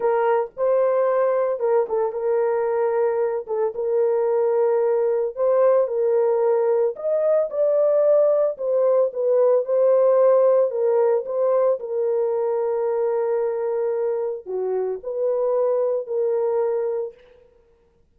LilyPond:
\new Staff \with { instrumentName = "horn" } { \time 4/4 \tempo 4 = 112 ais'4 c''2 ais'8 a'8 | ais'2~ ais'8 a'8 ais'4~ | ais'2 c''4 ais'4~ | ais'4 dis''4 d''2 |
c''4 b'4 c''2 | ais'4 c''4 ais'2~ | ais'2. fis'4 | b'2 ais'2 | }